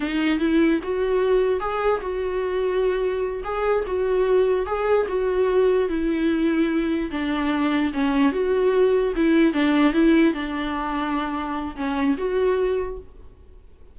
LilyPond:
\new Staff \with { instrumentName = "viola" } { \time 4/4 \tempo 4 = 148 dis'4 e'4 fis'2 | gis'4 fis'2.~ | fis'8 gis'4 fis'2 gis'8~ | gis'8 fis'2 e'4.~ |
e'4. d'2 cis'8~ | cis'8 fis'2 e'4 d'8~ | d'8 e'4 d'2~ d'8~ | d'4 cis'4 fis'2 | }